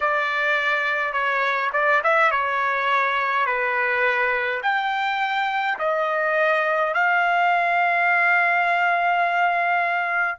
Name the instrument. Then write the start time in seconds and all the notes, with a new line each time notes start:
trumpet
0.00 D5
1.12 C#5
1.73 D5
2.03 E5
2.31 C#5
3.46 B4
4.63 G5
5.78 D#5
6.93 F5